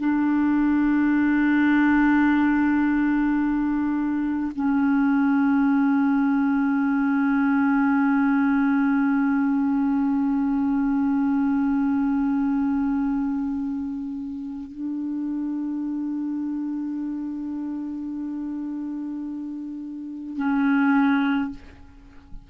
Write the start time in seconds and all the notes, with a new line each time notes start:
0.00 D4
4.56 C#4
14.72 D4
20.37 C#4